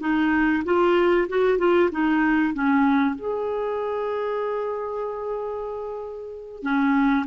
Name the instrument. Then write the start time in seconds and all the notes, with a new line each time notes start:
clarinet
0.00 D#4
0.64 F4
1.28 F#4
1.58 F4
1.91 D#4
2.54 C#4
3.15 G#4
6.62 C#4